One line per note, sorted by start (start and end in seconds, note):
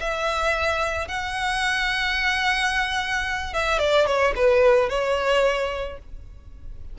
0.00 1.08 E5
1.08 3.53 F#5
3.54 3.79 E5
3.79 4.06 D5
4.06 4.34 C#5
4.36 4.89 B4
4.89 5.98 C#5